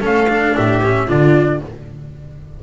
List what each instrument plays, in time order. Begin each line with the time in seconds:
0.00 double bass A3, cello C#4, viola A4, trumpet F5
0.28 cello D4
0.56 double bass A2, viola G4, trumpet E5
0.83 cello C#4
1.06 double bass D3, cello D4, viola F4, trumpet D5